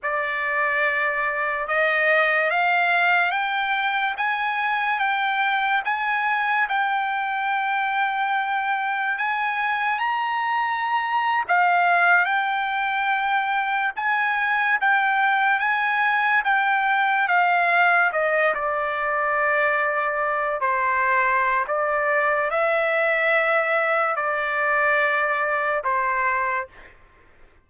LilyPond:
\new Staff \with { instrumentName = "trumpet" } { \time 4/4 \tempo 4 = 72 d''2 dis''4 f''4 | g''4 gis''4 g''4 gis''4 | g''2. gis''4 | ais''4.~ ais''16 f''4 g''4~ g''16~ |
g''8. gis''4 g''4 gis''4 g''16~ | g''8. f''4 dis''8 d''4.~ d''16~ | d''8. c''4~ c''16 d''4 e''4~ | e''4 d''2 c''4 | }